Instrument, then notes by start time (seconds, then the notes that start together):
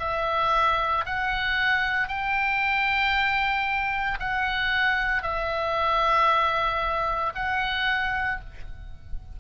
oboe
0.00 E5
1.06 F#5
2.08 G5
4.20 F#5
5.23 E5
7.35 F#5